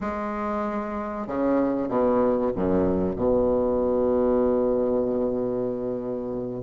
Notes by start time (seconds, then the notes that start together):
0.00 G#3
1.27 C#3
1.88 B2
2.55 F#2
3.16 B2